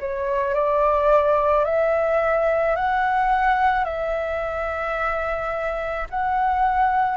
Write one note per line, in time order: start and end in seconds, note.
0.00 0.54 C#5
0.54 1.65 D5
1.65 2.76 E5
2.76 3.84 F#5
3.84 6.07 E5
6.10 7.17 F#5